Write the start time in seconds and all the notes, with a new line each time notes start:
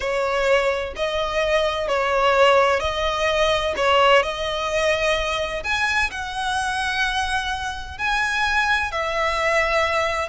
0.00 C#5
0.95 D#5
1.87 C#5
2.80 D#5
3.76 C#5
4.22 D#5
5.63 G#5
6.11 F#5
7.98 G#5
8.91 E5